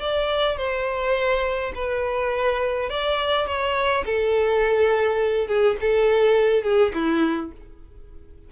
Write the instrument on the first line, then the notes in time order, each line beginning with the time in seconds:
violin
0.00 D5
0.57 C5
1.75 B4
2.90 D5
3.47 C#5
4.05 A4
5.47 G#4
5.81 A4
6.63 G#4
6.94 E4